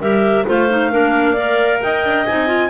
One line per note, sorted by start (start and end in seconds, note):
0.00 0.45 G3
0.00 0.46 G4
0.00 0.45 A#4
0.00 0.45 E5
0.46 0.93 A3
0.46 0.68 F4
0.46 0.91 C5
0.46 1.82 F5
0.69 0.91 D#4
0.91 1.82 A#3
0.91 1.36 D4
0.91 1.33 A#4
1.33 2.26 A#4
1.33 1.78 D5
1.82 2.04 D#4
1.82 2.69 D#5
1.82 2.25 G5
2.04 2.26 D4
2.25 2.69 C4
2.25 2.47 D#4
2.25 2.69 G#5
2.47 2.69 F4